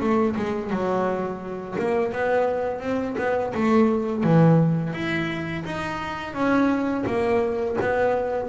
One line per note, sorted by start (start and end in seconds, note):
0.00 0.35 A3
0.36 0.70 G#3
0.70 1.76 F#3
1.78 2.12 A#3
2.12 2.80 B3
2.80 3.15 C4
3.18 3.53 B3
3.54 4.24 A3
4.24 4.93 E3
4.93 5.63 E4
5.64 6.33 D#4
6.33 7.04 C#4
7.06 7.76 A#3
7.81 8.48 B3